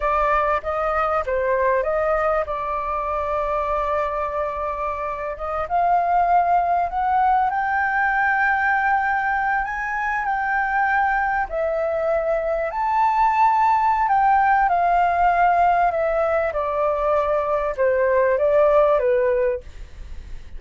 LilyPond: \new Staff \with { instrumentName = "flute" } { \time 4/4 \tempo 4 = 98 d''4 dis''4 c''4 dis''4 | d''1~ | d''8. dis''8 f''2 fis''8.~ | fis''16 g''2.~ g''8 gis''16~ |
gis''8. g''2 e''4~ e''16~ | e''8. a''2~ a''16 g''4 | f''2 e''4 d''4~ | d''4 c''4 d''4 b'4 | }